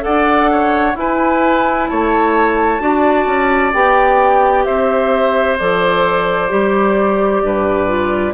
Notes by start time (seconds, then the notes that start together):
0.00 A4 D5 F#5
0.06 D4
0.51 C#5
0.95 E4 B4 G#5
1.87 A3 C#5 A5
2.80 D4 F#4 D5
3.26 C#4
3.73 B3 G4 G5
4.65 C4 C5 E5
5.58 F3 A4 D5
6.49 G3 G4
7.42 G2 B4
7.87 F4